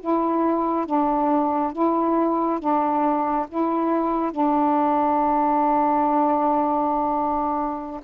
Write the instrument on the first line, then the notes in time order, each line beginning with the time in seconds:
saxophone
0.00 E4
0.86 D4
1.73 E4
2.59 D4
3.49 E4
4.31 D4